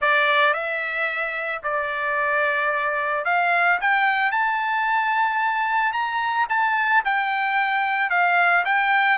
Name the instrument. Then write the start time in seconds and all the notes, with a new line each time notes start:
trumpet
0.01 D5
0.53 E5
1.63 D5
3.25 F5
3.80 G5
4.31 A5
5.92 A#5
6.49 A5
7.04 G5
8.10 F5
8.65 G5